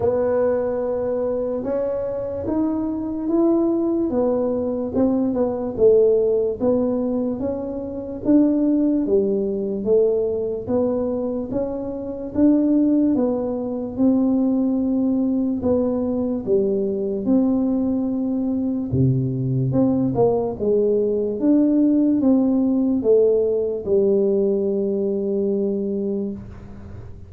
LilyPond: \new Staff \with { instrumentName = "tuba" } { \time 4/4 \tempo 4 = 73 b2 cis'4 dis'4 | e'4 b4 c'8 b8 a4 | b4 cis'4 d'4 g4 | a4 b4 cis'4 d'4 |
b4 c'2 b4 | g4 c'2 c4 | c'8 ais8 gis4 d'4 c'4 | a4 g2. | }